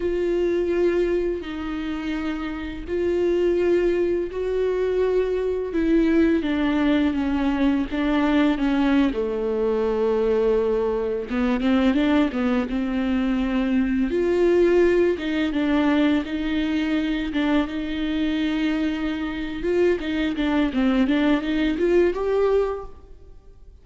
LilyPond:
\new Staff \with { instrumentName = "viola" } { \time 4/4 \tempo 4 = 84 f'2 dis'2 | f'2 fis'2 | e'4 d'4 cis'4 d'4 | cis'8. a2. b16~ |
b16 c'8 d'8 b8 c'2 f'16~ | f'4~ f'16 dis'8 d'4 dis'4~ dis'16~ | dis'16 d'8 dis'2~ dis'8. f'8 | dis'8 d'8 c'8 d'8 dis'8 f'8 g'4 | }